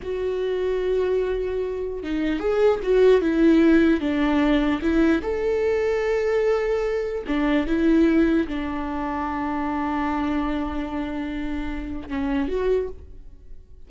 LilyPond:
\new Staff \with { instrumentName = "viola" } { \time 4/4 \tempo 4 = 149 fis'1~ | fis'4 dis'4 gis'4 fis'4 | e'2 d'2 | e'4 a'2.~ |
a'2 d'4 e'4~ | e'4 d'2.~ | d'1~ | d'2 cis'4 fis'4 | }